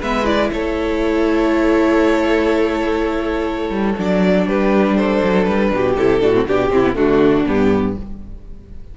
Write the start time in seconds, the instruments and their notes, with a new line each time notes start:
0.00 cello G#3, viola B3, violin B4 E5
0.25 viola E4, violin D5
0.52 cello A3, violin A4 C#5
3.70 cello G3
3.98 cello F#3, viola D4, violin D5
4.46 cello G3, violin G4 B4
4.96 violin A4 C5
5.23 cello F#3
5.44 cello G3, violin B4
5.71 cello B2, violin G4
5.96 cello C3, viola E4, violin A4
6.20 cello A2, viola D4, violin F#4
6.33 viola C4
6.46 cello B2, viola D4, violin G4
6.70 cello C3, viola C4, violin E4
6.83 viola B3
6.95 cello D3, viola A3, violin D4 F#4
7.46 cello G2, viola B3, violin G4